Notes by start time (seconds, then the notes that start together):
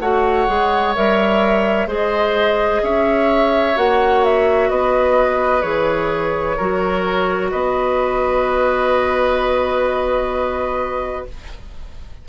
0.00 A3 F#4 C#5 F#5
0.48 G#3 G#4
0.96 G3 A#4 E5
1.87 G#3 G#4 C5 D#5
2.82 C#4 C#5 E5
3.76 A#3 F#4 F#5
4.24 E5
4.70 B3 B4 D#5
5.62 E3 G#4 C#5
6.57 F#3 F#4 A#4
7.51 B3 B4 D#5